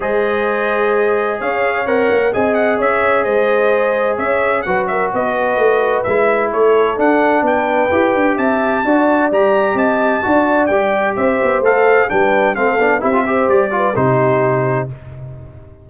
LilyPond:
<<
  \new Staff \with { instrumentName = "trumpet" } { \time 4/4 \tempo 4 = 129 dis''2. f''4 | fis''4 gis''8 fis''8 e''4 dis''4~ | dis''4 e''4 fis''8 e''8 dis''4~ | dis''4 e''4 cis''4 fis''4 |
g''2 a''2 | ais''4 a''2 g''4 | e''4 f''4 g''4 f''4 | e''4 d''4 c''2 | }
  \new Staff \with { instrumentName = "horn" } { \time 4/4 c''2. cis''4~ | cis''4 dis''4 cis''4 c''4~ | c''4 cis''4 b'8 ais'8 b'4~ | b'2 a'2 |
b'2 e''4 d''4~ | d''4 dis''4 d''2 | c''2 b'4 a'4 | g'8 c''4 b'8 g'2 | }
  \new Staff \with { instrumentName = "trombone" } { \time 4/4 gis'1 | ais'4 gis'2.~ | gis'2 fis'2~ | fis'4 e'2 d'4~ |
d'4 g'2 fis'4 | g'2 fis'4 g'4~ | g'4 a'4 d'4 c'8 d'8 | e'16 f'16 g'4 f'8 dis'2 | }
  \new Staff \with { instrumentName = "tuba" } { \time 4/4 gis2. cis'4 | c'8 ais8 c'4 cis'4 gis4~ | gis4 cis'4 fis4 b4 | a4 gis4 a4 d'4 |
b4 e'8 d'8 c'4 d'4 | g4 c'4 d'4 g4 | c'8 b8 a4 g4 a8 b8 | c'4 g4 c2 | }
>>